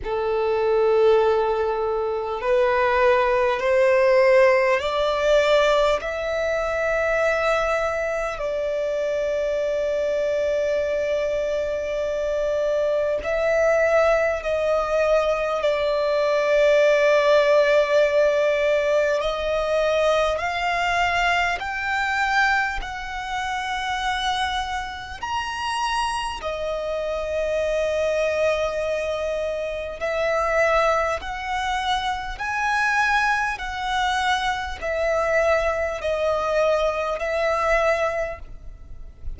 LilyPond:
\new Staff \with { instrumentName = "violin" } { \time 4/4 \tempo 4 = 50 a'2 b'4 c''4 | d''4 e''2 d''4~ | d''2. e''4 | dis''4 d''2. |
dis''4 f''4 g''4 fis''4~ | fis''4 ais''4 dis''2~ | dis''4 e''4 fis''4 gis''4 | fis''4 e''4 dis''4 e''4 | }